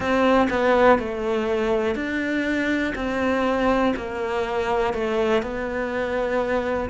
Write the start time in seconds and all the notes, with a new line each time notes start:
0.00 C4
0.50 B3
0.98 A3
1.95 D4
2.95 C4
3.96 A#3
4.93 A3
5.42 B3